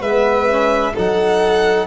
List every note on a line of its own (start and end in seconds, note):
0.00 0.93 G#3
0.00 0.49 B3
0.00 0.92 B4
0.00 0.93 E5
0.49 0.95 C#4
0.94 1.87 F#3
0.94 1.87 D#4
0.94 1.87 A4
0.94 1.87 F#5